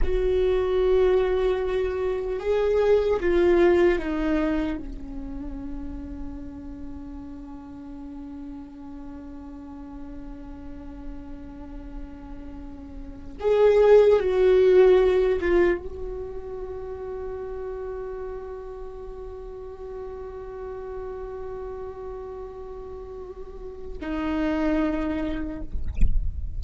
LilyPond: \new Staff \with { instrumentName = "viola" } { \time 4/4 \tempo 4 = 75 fis'2. gis'4 | f'4 dis'4 cis'2~ | cis'1~ | cis'1~ |
cis'8. gis'4 fis'4. f'8 fis'16~ | fis'1~ | fis'1~ | fis'2 dis'2 | }